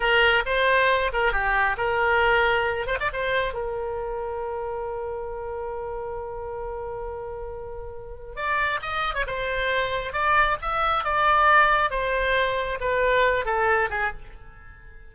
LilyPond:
\new Staff \with { instrumentName = "oboe" } { \time 4/4 \tempo 4 = 136 ais'4 c''4. ais'8 g'4 | ais'2~ ais'8 c''16 d''16 c''4 | ais'1~ | ais'1~ |
ais'2. d''4 | dis''8. cis''16 c''2 d''4 | e''4 d''2 c''4~ | c''4 b'4. a'4 gis'8 | }